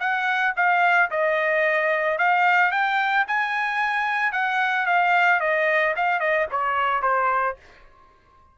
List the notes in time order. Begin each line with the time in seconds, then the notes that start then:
0.00 F#5
0.56 F5
1.11 D#5
2.18 F5
2.72 G5
3.28 G#5
4.32 F#5
4.86 F5
5.41 D#5
5.96 F5
6.20 D#5
6.51 C#5
7.02 C5